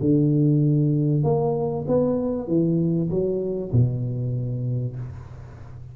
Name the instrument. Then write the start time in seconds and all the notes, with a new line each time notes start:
tuba
0.00 D3
1.23 A#3
1.87 B3
2.47 E3
3.10 F#3
3.72 B2